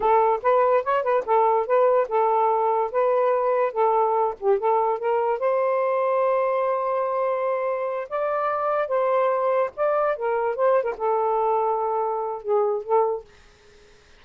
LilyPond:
\new Staff \with { instrumentName = "saxophone" } { \time 4/4 \tempo 4 = 145 a'4 b'4 cis''8 b'8 a'4 | b'4 a'2 b'4~ | b'4 a'4. g'8 a'4 | ais'4 c''2.~ |
c''2.~ c''8 d''8~ | d''4. c''2 d''8~ | d''8 ais'4 c''8. ais'16 a'4.~ | a'2 gis'4 a'4 | }